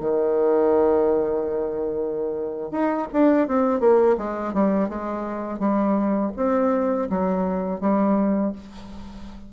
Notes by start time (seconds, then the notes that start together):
0.00 D#3
2.71 D#4
3.12 D4
3.47 C4
3.80 A#3
4.17 G#3
4.53 G3
4.89 G#3
5.59 G3
6.36 C4
7.09 F#3
7.80 G3